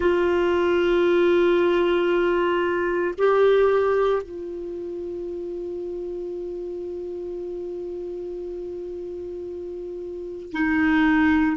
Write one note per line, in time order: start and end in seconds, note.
0.00 3.14 F4
3.18 4.22 G4
4.22 10.52 F4
10.52 11.56 D#4